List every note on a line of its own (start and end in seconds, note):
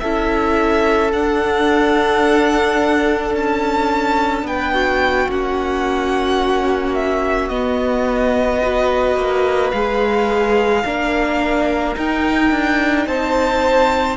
0.00 1.14 C#4
0.00 1.12 E4
0.00 4.46 A4
0.00 1.11 E5
1.12 5.29 D4
1.12 3.34 D4
1.12 3.35 F#5
3.34 4.43 C#4
3.34 4.47 A5
4.43 5.27 B3
4.43 4.74 B4
4.43 5.31 G5
4.74 8.61 F#4
5.28 7.50 A#3
5.28 7.51 C#4
5.28 6.95 F#5
6.95 7.49 E5
7.49 9.16 B3
7.49 8.62 B3
7.49 9.71 D#5
8.61 9.73 F#4
8.61 10.84 B4
9.16 9.72 A#3
9.71 10.84 G#3
9.71 10.85 G#4
9.71 11.94 F5
10.85 11.96 A#3
10.85 11.96 D4
10.85 13.08 A#4
11.96 14.17 D#4
11.96 12.51 D#4
11.96 13.07 G5
12.51 13.07 D4
13.07 14.17 C4
13.07 14.17 C5
13.07 14.17 A5